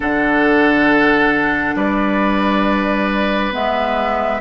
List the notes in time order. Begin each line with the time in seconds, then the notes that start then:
0.00 D3 D4 A4 F#5
1.75 G3 B4 D5
3.52 G#3 B3 E5